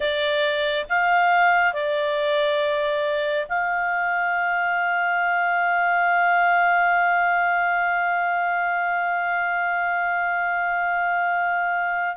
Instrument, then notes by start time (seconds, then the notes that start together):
clarinet
0.00 D5
0.89 F5
1.73 D5
3.48 F5